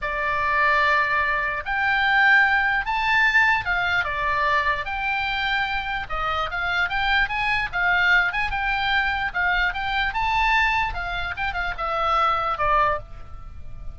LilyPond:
\new Staff \with { instrumentName = "oboe" } { \time 4/4 \tempo 4 = 148 d''1 | g''2. a''4~ | a''4 f''4 d''2 | g''2. dis''4 |
f''4 g''4 gis''4 f''4~ | f''8 gis''8 g''2 f''4 | g''4 a''2 f''4 | g''8 f''8 e''2 d''4 | }